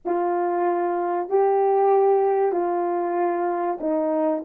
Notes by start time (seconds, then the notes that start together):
0.05 F4
1.29 G4
2.52 F4
3.80 D#4